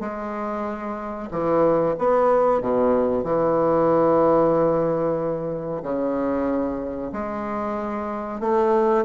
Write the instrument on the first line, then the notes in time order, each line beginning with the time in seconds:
bassoon
0.00 G#3
1.30 E3
1.98 B3
2.61 B2
3.23 E3
5.82 C#3
7.12 G#3
8.40 A3